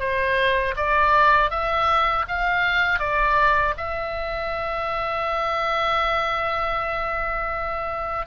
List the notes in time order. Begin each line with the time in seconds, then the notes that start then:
0.00 C5
0.77 D5
1.51 E5
2.28 F5
3.00 D5
3.77 E5